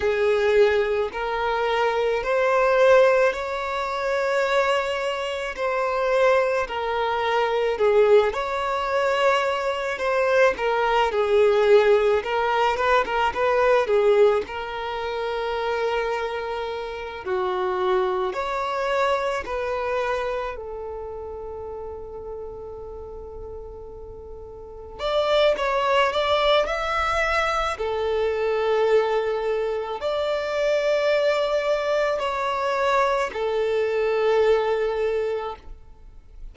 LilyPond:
\new Staff \with { instrumentName = "violin" } { \time 4/4 \tempo 4 = 54 gis'4 ais'4 c''4 cis''4~ | cis''4 c''4 ais'4 gis'8 cis''8~ | cis''4 c''8 ais'8 gis'4 ais'8 b'16 ais'16 | b'8 gis'8 ais'2~ ais'8 fis'8~ |
fis'8 cis''4 b'4 a'4.~ | a'2~ a'8 d''8 cis''8 d''8 | e''4 a'2 d''4~ | d''4 cis''4 a'2 | }